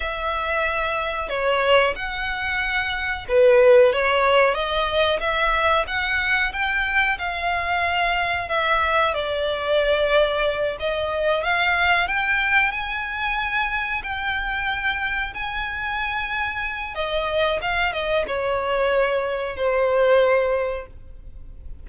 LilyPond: \new Staff \with { instrumentName = "violin" } { \time 4/4 \tempo 4 = 92 e''2 cis''4 fis''4~ | fis''4 b'4 cis''4 dis''4 | e''4 fis''4 g''4 f''4~ | f''4 e''4 d''2~ |
d''8 dis''4 f''4 g''4 gis''8~ | gis''4. g''2 gis''8~ | gis''2 dis''4 f''8 dis''8 | cis''2 c''2 | }